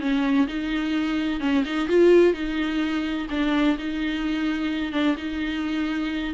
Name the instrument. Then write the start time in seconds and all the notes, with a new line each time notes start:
viola
0.00 C#4
0.47 D#4
1.40 C#4
1.64 D#4
1.88 F4
2.33 D#4
3.30 D4
3.78 D#4
4.92 D4
5.17 D#4